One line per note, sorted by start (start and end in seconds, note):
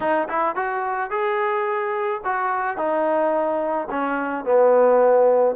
0.00 0.28 D#4
0.28 0.55 E4
0.55 1.10 F#4
1.10 2.21 G#4
2.24 2.77 F#4
2.77 3.88 D#4
3.90 4.44 C#4
4.44 5.55 B3